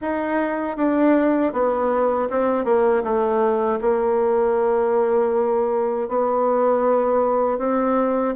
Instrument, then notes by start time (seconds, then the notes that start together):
bassoon
0.01 D#4
0.76 D4
1.52 B3
2.30 C4
2.64 A#3
3.03 A3
3.81 A#3
6.08 B3
7.58 C4